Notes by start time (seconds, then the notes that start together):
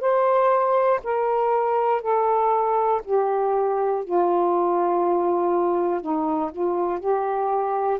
0.00 C5
1.04 A#4
2.01 A4
3.04 G4
4.05 F4
6.01 D#4
6.52 F4
7.00 G4